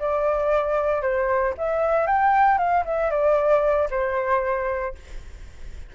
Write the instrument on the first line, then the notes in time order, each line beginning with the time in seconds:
flute
0.00 D5
1.02 C5
1.58 E5
2.07 G5
2.58 F5
2.86 E5
3.11 D5
3.91 C5